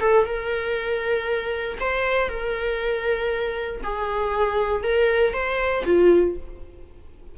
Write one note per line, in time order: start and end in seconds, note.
0.00 0.25 A4
0.25 1.78 A#4
1.80 2.29 C5
2.29 3.81 A#4
3.83 4.83 G#4
4.83 5.33 A#4
5.33 5.84 C5
5.85 6.36 F4